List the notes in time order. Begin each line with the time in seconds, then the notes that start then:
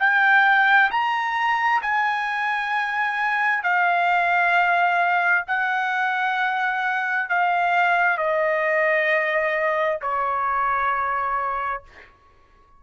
0.00 G5
0.91 A#5
1.82 G#5
3.64 F5
5.48 F#5
7.29 F5
8.18 D#5
10.02 C#5